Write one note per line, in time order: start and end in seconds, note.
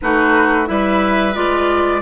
0.01 0.69 A3
0.01 0.66 D#4
0.01 0.69 F#4
0.01 0.67 B4
0.66 1.36 G3
0.66 1.33 E4
0.66 2.01 B4
0.66 1.34 E5
1.34 2.01 G#3
1.34 2.01 F4
1.34 2.01 D5